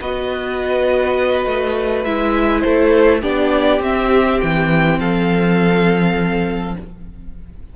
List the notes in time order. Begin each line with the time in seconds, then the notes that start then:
0.00 B3 F#4 B4 D#5
1.45 A3
2.04 G#3 E4 E5
2.60 A3 A4 C5
3.22 B3 D4 G4 D5
3.79 C4 E5
4.40 E3 G5
4.99 F3 A4 F5